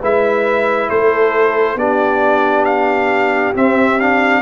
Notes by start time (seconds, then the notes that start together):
0.00 G#3 E4 B4 E5
0.90 A3 A4 C5
1.75 B3 D4 G4 D5
2.65 F5
3.55 C4 E5
4.00 D4 F5